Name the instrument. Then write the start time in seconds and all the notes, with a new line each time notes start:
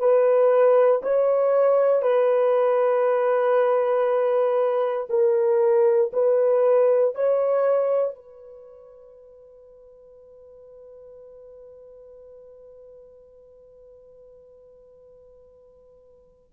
horn
0.00 B4
1.03 C#5
2.02 B4
5.10 A#4
6.13 B4
7.15 C#5
8.15 B4